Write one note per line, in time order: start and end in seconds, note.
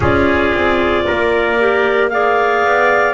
0.00 0.52 C#4
0.00 1.58 F4
0.00 1.05 G#4
0.00 2.09 D5
0.53 1.06 C4
1.06 2.64 A#3
1.06 2.11 A#4
1.59 2.11 G4
2.09 3.14 G#4
2.09 3.14 D5
2.09 3.14 F5
2.64 3.14 B3